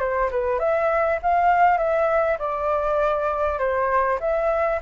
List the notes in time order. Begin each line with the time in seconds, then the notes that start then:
0.00 C5
0.31 B4
0.60 E5
1.23 F5
1.78 E5
2.39 D5
3.59 C5
4.21 E5